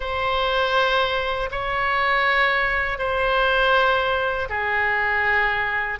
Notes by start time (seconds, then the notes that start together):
0.00 C5
1.51 C#5
2.98 C5
4.49 G#4